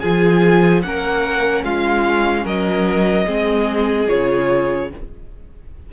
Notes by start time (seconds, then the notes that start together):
0.00 F3 F4 G#4 G#5
0.83 A#3 C#4 A#4 F#5
1.64 G#3 F4 F5
2.45 F#3 A#4 D#5
3.26 G#3 C4 G#4
4.08 C#3 F4 C#5